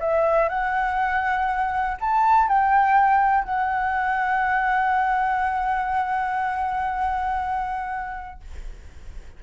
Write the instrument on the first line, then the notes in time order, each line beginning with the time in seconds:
flute
0.00 E5
0.49 F#5
2.00 A5
2.48 G5
3.44 F#5